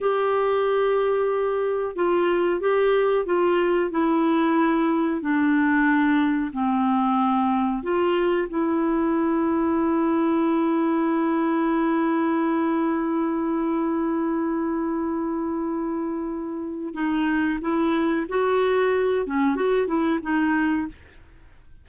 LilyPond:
\new Staff \with { instrumentName = "clarinet" } { \time 4/4 \tempo 4 = 92 g'2. f'4 | g'4 f'4 e'2 | d'2 c'2 | f'4 e'2.~ |
e'1~ | e'1~ | e'2 dis'4 e'4 | fis'4. cis'8 fis'8 e'8 dis'4 | }